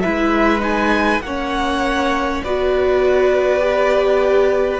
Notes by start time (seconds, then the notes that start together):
0.00 G#3 E4 B4 E5
0.59 D#4 G#5
1.20 A#3 C#5 F#5
1.27 C#4
2.43 B3 F#4 B4 D5
3.59 G4